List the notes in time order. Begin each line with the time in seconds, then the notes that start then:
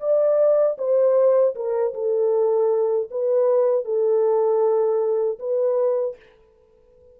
0.00 D5
0.78 C5
1.55 A#4
1.94 A4
3.10 B4
3.85 A4
5.39 B4